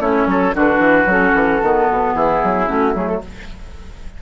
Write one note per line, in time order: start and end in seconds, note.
0.00 0.27 A3
0.00 0.54 C#4
0.00 0.28 E4
0.00 0.55 C#5
0.27 0.53 F#3
0.27 0.56 A4
0.54 0.79 D3
0.54 1.07 D4
0.54 2.15 F#4
0.54 1.12 B4
0.79 1.06 E3
1.06 1.33 F#3
1.06 1.63 C#4
1.06 2.15 A4
1.35 1.62 E3
1.63 1.90 D#3
1.63 2.67 B3
1.91 2.15 B2
2.15 2.42 E3
2.15 3.22 E4
2.15 2.69 G#4
2.44 2.69 F#3
2.67 2.95 A3
2.67 2.94 C#4
2.67 2.95 F#4
2.95 3.22 F#3
2.95 3.22 A3
2.95 3.08 G#4
3.08 3.22 A4